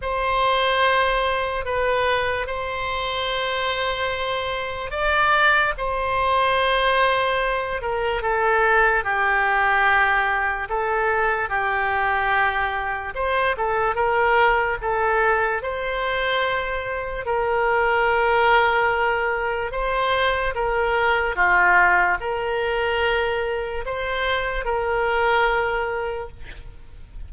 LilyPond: \new Staff \with { instrumentName = "oboe" } { \time 4/4 \tempo 4 = 73 c''2 b'4 c''4~ | c''2 d''4 c''4~ | c''4. ais'8 a'4 g'4~ | g'4 a'4 g'2 |
c''8 a'8 ais'4 a'4 c''4~ | c''4 ais'2. | c''4 ais'4 f'4 ais'4~ | ais'4 c''4 ais'2 | }